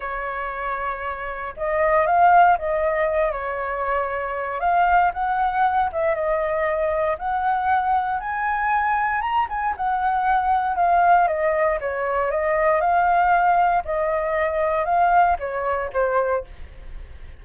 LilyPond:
\new Staff \with { instrumentName = "flute" } { \time 4/4 \tempo 4 = 117 cis''2. dis''4 | f''4 dis''4. cis''4.~ | cis''4 f''4 fis''4. e''8 | dis''2 fis''2 |
gis''2 ais''8 gis''8 fis''4~ | fis''4 f''4 dis''4 cis''4 | dis''4 f''2 dis''4~ | dis''4 f''4 cis''4 c''4 | }